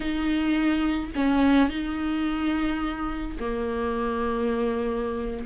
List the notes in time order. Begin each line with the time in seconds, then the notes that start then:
0.00 D#4
1.15 C#4
1.69 D#4
3.39 A#3